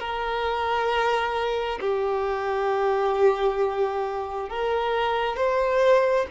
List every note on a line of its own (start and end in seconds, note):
0.00 1.79 A#4
1.81 4.49 G4
4.50 5.37 A#4
5.37 6.26 C5